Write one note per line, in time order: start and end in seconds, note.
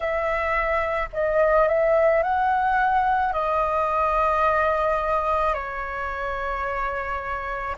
0.00 1.09 E5
1.13 1.68 D#5
1.68 2.22 E5
2.22 3.32 F#5
3.32 5.54 D#5
5.54 7.76 C#5